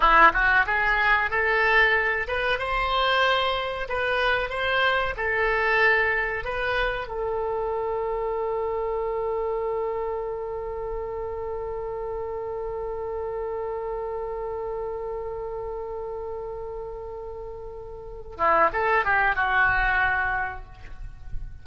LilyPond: \new Staff \with { instrumentName = "oboe" } { \time 4/4 \tempo 4 = 93 e'8 fis'8 gis'4 a'4. b'8 | c''2 b'4 c''4 | a'2 b'4 a'4~ | a'1~ |
a'1~ | a'1~ | a'1~ | a'8 e'8 a'8 g'8 fis'2 | }